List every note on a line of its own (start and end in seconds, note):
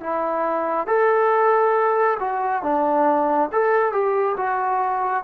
0.00 0.87 E4
0.87 2.18 A4
2.20 2.62 F#4
2.62 3.49 D4
3.52 3.92 A4
3.92 4.36 G4
4.37 5.24 F#4